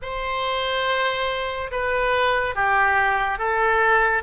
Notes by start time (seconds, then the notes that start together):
0.02 C5
1.71 B4
2.55 G4
3.38 A4